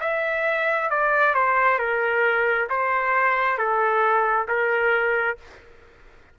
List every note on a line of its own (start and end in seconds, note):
0.00 0.90 E5
0.90 1.34 D5
1.34 1.79 C5
1.79 2.68 A#4
2.69 3.57 C5
3.57 4.47 A4
4.48 5.37 A#4